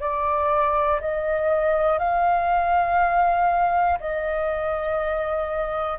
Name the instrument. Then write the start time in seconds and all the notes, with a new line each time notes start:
flute
0.00 D5
1.00 D#5
1.98 F5
4.00 D#5